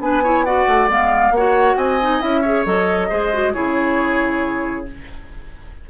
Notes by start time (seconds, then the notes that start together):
0.00 B3 D4 B4 G#5
0.24 E4 C#5
0.45 F#4 D5 F#5
0.68 A3
0.89 G#3 B3 F5
1.31 A#3 F#4 C#5 F#5
1.77 C4 D#5 G#5
2.01 D#4
2.21 C#4 E4 E5
2.42 G#4 C#5
2.66 F#3 A4 D#5
3.10 G#3 G#4 C5
3.33 F#4
3.54 C#3 E4 G#4 C#5